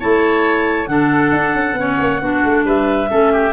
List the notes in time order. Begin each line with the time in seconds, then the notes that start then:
0.00 A3 E4 C#5 A5
0.87 D3 D4 A4 F#5
1.32 D4
1.54 C#4
1.73 B3 C#4
1.80 C#5
1.99 A#3
2.21 B3 D4 F#4
2.45 A3
2.65 G3 B4 E5
3.09 A3 C#4 A4
3.32 G4